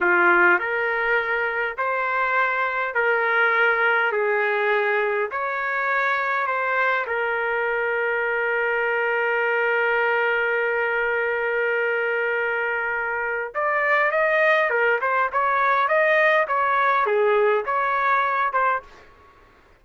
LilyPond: \new Staff \with { instrumentName = "trumpet" } { \time 4/4 \tempo 4 = 102 f'4 ais'2 c''4~ | c''4 ais'2 gis'4~ | gis'4 cis''2 c''4 | ais'1~ |
ais'1~ | ais'2. d''4 | dis''4 ais'8 c''8 cis''4 dis''4 | cis''4 gis'4 cis''4. c''8 | }